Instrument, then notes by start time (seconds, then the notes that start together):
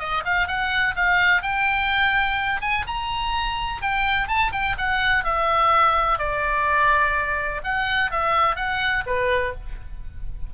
oboe
0.00 D#5
0.25 F5
0.48 F#5
0.96 F5
1.43 G5
2.62 G#5
2.87 A#5
3.82 G5
4.28 A5
4.53 G5
4.78 F#5
5.25 E5
6.19 D5
7.64 F#5
8.11 E5
8.56 F#5
9.07 B4